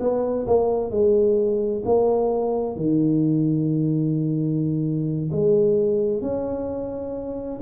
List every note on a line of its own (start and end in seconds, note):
0.00 0.46 B3
0.47 0.91 A#3
0.91 1.83 G#3
1.85 2.77 A#3
2.77 5.30 D#3
5.32 6.21 G#3
6.21 7.60 C#4